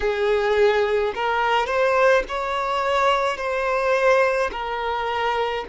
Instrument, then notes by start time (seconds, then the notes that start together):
violin
0.00 G#4
1.14 A#4
1.66 C5
2.28 C#5
3.37 C5
4.51 A#4